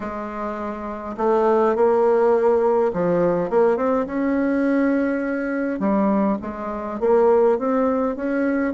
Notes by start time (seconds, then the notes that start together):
0.00 G#3
1.17 A3
1.75 A#3
2.93 F3
3.50 A#3
3.76 C4
4.06 C#4
5.79 G3
6.41 G#3
7.00 A#3
7.58 C4
8.16 C#4